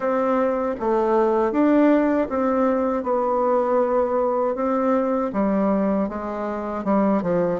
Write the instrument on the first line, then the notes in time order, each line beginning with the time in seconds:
bassoon
0.00 C4
0.79 A3
1.52 D4
2.29 C4
3.03 B3
4.55 C4
5.33 G3
6.08 G#3
6.84 G3
7.22 F3